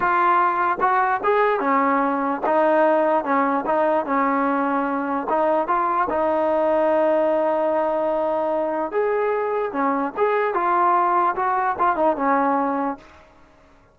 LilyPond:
\new Staff \with { instrumentName = "trombone" } { \time 4/4 \tempo 4 = 148 f'2 fis'4 gis'4 | cis'2 dis'2 | cis'4 dis'4 cis'2~ | cis'4 dis'4 f'4 dis'4~ |
dis'1~ | dis'2 gis'2 | cis'4 gis'4 f'2 | fis'4 f'8 dis'8 cis'2 | }